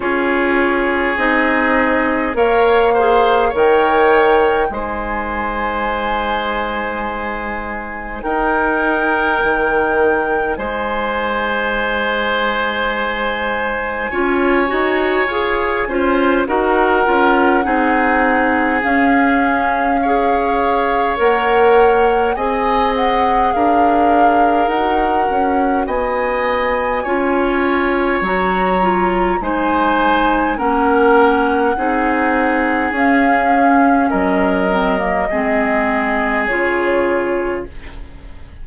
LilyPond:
<<
  \new Staff \with { instrumentName = "flute" } { \time 4/4 \tempo 4 = 51 cis''4 dis''4 f''4 g''4 | gis''2. g''4~ | g''4 gis''2.~ | gis''2 fis''2 |
f''2 fis''4 gis''8 fis''8 | f''4 fis''4 gis''2 | ais''4 gis''4 fis''2 | f''4 dis''2 cis''4 | }
  \new Staff \with { instrumentName = "oboe" } { \time 4/4 gis'2 cis''8 c''8 cis''4 | c''2. ais'4~ | ais'4 c''2. | cis''4. c''8 ais'4 gis'4~ |
gis'4 cis''2 dis''4 | ais'2 dis''4 cis''4~ | cis''4 c''4 ais'4 gis'4~ | gis'4 ais'4 gis'2 | }
  \new Staff \with { instrumentName = "clarinet" } { \time 4/4 f'4 dis'4 ais'8 gis'8 ais'4 | dis'1~ | dis'1 | f'8 fis'8 gis'8 f'8 fis'8 f'8 dis'4 |
cis'4 gis'4 ais'4 gis'4~ | gis'4 fis'2 f'4 | fis'8 f'8 dis'4 cis'4 dis'4 | cis'4. c'16 ais16 c'4 f'4 | }
  \new Staff \with { instrumentName = "bassoon" } { \time 4/4 cis'4 c'4 ais4 dis4 | gis2. dis'4 | dis4 gis2. | cis'8 dis'8 f'8 cis'8 dis'8 cis'8 c'4 |
cis'2 ais4 c'4 | d'4 dis'8 cis'8 b4 cis'4 | fis4 gis4 ais4 c'4 | cis'4 fis4 gis4 cis4 | }
>>